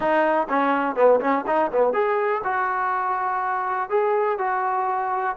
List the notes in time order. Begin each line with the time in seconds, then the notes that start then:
0.00 D#4
0.49 C#4
0.95 B3
1.20 C#4
1.47 D#4
1.71 B3
1.93 G#4
2.44 F#4
3.89 G#4
4.38 F#4